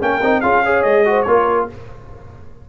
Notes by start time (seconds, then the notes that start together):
0.00 A#3 C#4 A#4 G5
0.22 C4 D#4
0.41 C#4 F4 G#4 F5
0.64 G#4 C#5
0.82 G#3 D#5
1.05 F#4 C5
1.22 A#3 F4 A#4 C#5